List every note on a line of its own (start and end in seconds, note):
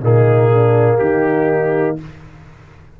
0.00 1.00 A#2
0.00 1.98 A#3
0.00 0.49 D#4
0.00 0.98 G#4
0.50 0.99 D4
0.98 1.99 D#3
0.98 2.00 D#4
0.98 1.96 G4